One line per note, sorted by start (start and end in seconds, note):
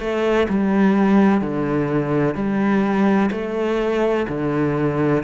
0.00 0.48 A3
0.49 1.42 G3
1.42 2.35 D3
2.35 3.30 G3
3.32 4.27 A3
4.29 5.24 D3